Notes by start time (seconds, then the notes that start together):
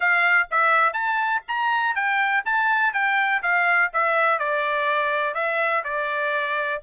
0.00 F5
0.50 E5
0.93 A5
1.48 A#5
1.95 G5
2.45 A5
2.93 G5
3.42 F5
3.93 E5
4.38 D5
5.34 E5
5.84 D5